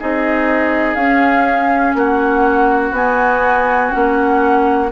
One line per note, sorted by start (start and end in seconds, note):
0.00 0.96 C4
0.00 0.99 D#4
0.00 1.97 G#4
0.00 0.95 D#5
0.95 1.94 C#4
0.95 2.96 C#4
0.95 1.94 F5
1.95 2.92 A#3
1.95 4.92 F#4
1.95 2.96 F#5
2.92 3.90 B3
2.92 3.91 B3
2.92 3.92 G#5
3.91 4.92 A#3
3.91 4.89 C#4
3.91 4.90 F#5